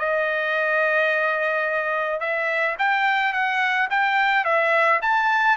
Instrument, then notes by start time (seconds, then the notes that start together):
trumpet
0.00 D#5
2.20 E5
2.79 G5
3.33 F#5
3.91 G5
4.45 E5
5.02 A5